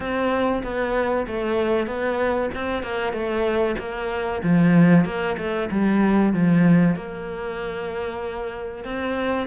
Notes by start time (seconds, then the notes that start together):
0.00 C4
0.63 B3
1.27 A3
1.86 B3
2.54 C4
2.82 A#3
3.12 A3
3.78 A#3
4.43 F3
5.05 A#3
5.37 A3
5.70 G3
6.33 F3
6.95 A#3
8.84 C4